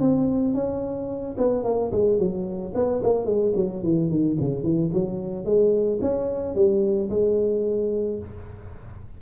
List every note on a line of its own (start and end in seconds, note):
0.00 0.54 C4
0.54 1.36 C#4
1.38 1.64 B3
1.64 1.91 A#3
1.92 2.19 G#3
2.19 2.73 F#3
2.74 3.02 B3
3.03 3.25 A#3
3.25 3.53 G#3
3.56 3.83 F#3
3.83 4.10 E3
4.10 4.37 D#3
4.40 4.63 C#3
4.63 4.90 E3
4.93 5.45 F#3
5.45 6.00 G#3
6.02 6.55 C#4
6.55 7.10 G3
7.10 8.19 G#3